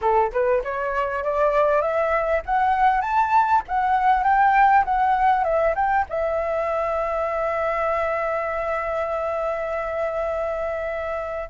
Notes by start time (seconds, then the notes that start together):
0.01 A4
0.32 B4
0.63 C#5
1.23 D5
1.81 E5
2.45 F#5
3.01 A5
3.67 F#5
4.23 G5
4.84 F#5
5.44 E5
5.75 G5
6.09 E5